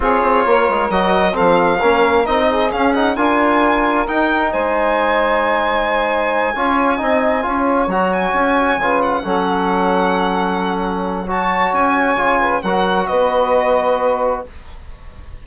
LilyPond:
<<
  \new Staff \with { instrumentName = "violin" } { \time 4/4 \tempo 4 = 133 cis''2 dis''4 f''4~ | f''4 dis''4 f''8 fis''8 gis''4~ | gis''4 g''4 gis''2~ | gis''1~ |
gis''4. ais''8 gis''2 | fis''1~ | fis''4 a''4 gis''2 | fis''4 dis''2. | }
  \new Staff \with { instrumentName = "saxophone" } { \time 4/4 gis'4 ais'2 a'4 | ais'4. gis'4. ais'4~ | ais'2 c''2~ | c''2~ c''8 cis''4 dis''8~ |
dis''8 cis''2. b'8~ | b'8 a'2.~ a'8~ | a'4 cis''2~ cis''8 b'8 | ais'4 b'2. | }
  \new Staff \with { instrumentName = "trombone" } { \time 4/4 f'2 fis'4 c'4 | cis'4 dis'4 cis'8 dis'8 f'4~ | f'4 dis'2.~ | dis'2~ dis'8 f'4 dis'8~ |
dis'8 f'4 fis'2 f'8~ | f'8 cis'2.~ cis'8~ | cis'4 fis'2 f'4 | fis'1 | }
  \new Staff \with { instrumentName = "bassoon" } { \time 4/4 cis'8 c'8 ais8 gis8 fis4 f4 | ais4 c'4 cis'4 d'4~ | d'4 dis'4 gis2~ | gis2~ gis8 cis'4 c'8~ |
c'8 cis'4 fis4 cis'4 cis8~ | cis8 fis2.~ fis8~ | fis2 cis'4 cis4 | fis4 b2. | }
>>